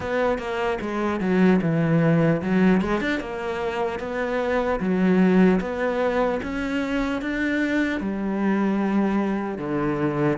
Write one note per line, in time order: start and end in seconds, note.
0.00 0.38 B3
0.38 0.78 A#3
0.81 1.20 G#3
1.20 1.60 F#3
1.61 2.41 E3
2.41 2.81 F#3
2.81 3.00 G#3
3.00 3.20 D4
3.20 3.99 A#3
3.99 4.79 B3
4.80 5.60 F#3
5.60 6.40 B3
6.43 7.21 C#4
7.21 8.00 D4
8.00 9.57 G3
9.57 10.37 D3